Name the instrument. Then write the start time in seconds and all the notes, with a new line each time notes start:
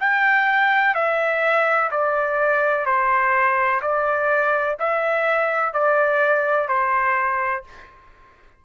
trumpet
0.00 G5
0.95 E5
1.91 D5
2.86 C5
3.82 D5
4.80 E5
5.74 D5
6.68 C5